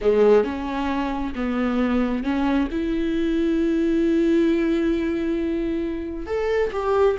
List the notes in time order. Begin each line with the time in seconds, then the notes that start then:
0.01 G#3
0.44 C#4
1.35 B3
2.23 C#4
2.71 E4
6.26 A4
6.72 G4